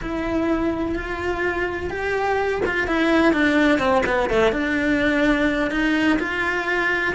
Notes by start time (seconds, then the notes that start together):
0.02 E4
0.95 F4
1.90 G4
2.65 F4
2.87 E4
3.32 D4
3.78 C4
4.06 B3
4.29 A3
4.52 D4
5.70 D#4
6.19 F4